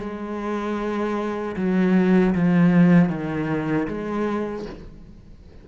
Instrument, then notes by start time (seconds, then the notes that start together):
cello
0.00 G#3
1.57 F#3
2.35 F3
3.10 D#3
3.88 G#3